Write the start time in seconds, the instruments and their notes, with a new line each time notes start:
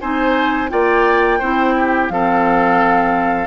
0.00 bassoon C4, clarinet D#4, oboe C5, flute G#5
0.69 bassoon A#3, clarinet F4, oboe D5, flute G5
1.38 bassoon C4, clarinet E4, oboe C5
1.77 oboe G4
2.08 bassoon F3, clarinet C4, oboe A4, flute F5